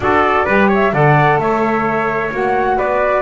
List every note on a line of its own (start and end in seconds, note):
0.00 0.45 D4
0.00 0.46 F#4
0.00 0.45 A4
0.00 0.69 D5
0.45 0.92 G3
0.45 0.92 G4
0.45 0.68 B4
0.68 0.91 C#5
0.68 0.94 E5
0.92 1.37 D3
0.92 2.31 A4
0.92 1.39 D5
0.92 1.39 F#5
1.37 2.30 A3
1.37 2.77 C#5
1.37 2.31 E5
2.31 2.77 A#3
2.31 3.22 F#4
2.31 2.78 F#5
2.77 3.22 B3
2.77 3.22 B4
2.77 3.22 D5